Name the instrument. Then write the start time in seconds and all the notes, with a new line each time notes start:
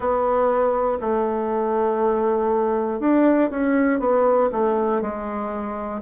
bassoon
0.00 B3
1.00 A3
3.00 D4
3.50 C#4
4.00 B3
4.51 A3
5.01 G#3